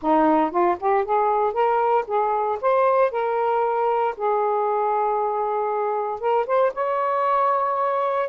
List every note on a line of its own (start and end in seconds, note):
0.01 0.50 D#4
0.50 0.76 F4
0.80 1.04 G4
1.04 1.53 G#4
1.53 2.05 A#4
2.07 2.59 G#4
2.61 3.11 C5
3.11 4.14 A#4
4.16 6.20 G#4
6.20 6.46 A#4
6.46 6.72 C5
6.74 8.29 C#5